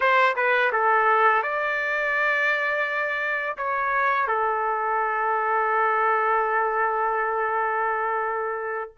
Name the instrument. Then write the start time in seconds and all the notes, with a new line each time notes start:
trumpet
0.00 C5
0.36 B4
0.72 A4
1.42 D5
3.57 C#5
4.27 A4